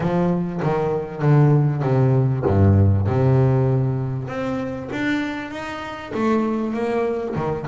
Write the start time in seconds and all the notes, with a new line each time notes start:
0.00 F3
0.62 D#3
1.22 D3
1.82 C3
2.45 G2
3.06 C3
4.27 C4
4.92 D4
5.50 D#4
6.14 A3
6.73 A#3
7.35 D#3